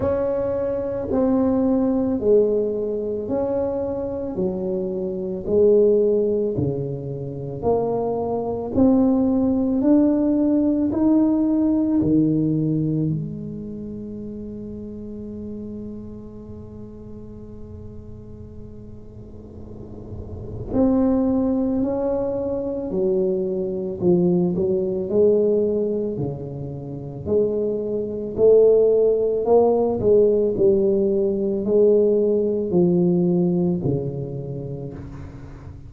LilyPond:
\new Staff \with { instrumentName = "tuba" } { \time 4/4 \tempo 4 = 55 cis'4 c'4 gis4 cis'4 | fis4 gis4 cis4 ais4 | c'4 d'4 dis'4 dis4 | gis1~ |
gis2. c'4 | cis'4 fis4 f8 fis8 gis4 | cis4 gis4 a4 ais8 gis8 | g4 gis4 f4 cis4 | }